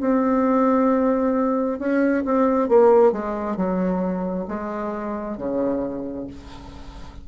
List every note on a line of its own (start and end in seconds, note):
0.00 1.79 C4
1.79 2.23 C#4
2.25 2.68 C4
2.68 3.12 A#3
3.12 3.57 G#3
3.57 4.46 F#3
4.48 5.37 G#3
5.37 6.27 C#3